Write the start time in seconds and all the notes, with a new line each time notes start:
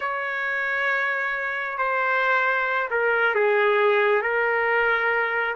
0.00 C#5
1.78 C5
2.90 A#4
3.35 G#4
4.21 A#4